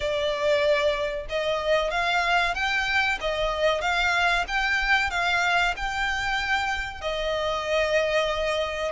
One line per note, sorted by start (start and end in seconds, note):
0.00 1.26 D5
1.29 1.91 D#5
1.91 2.54 F5
2.54 3.18 G5
3.20 3.81 D#5
3.81 4.44 F5
4.47 5.10 G5
5.10 5.74 F5
5.76 7.01 G5
7.01 8.92 D#5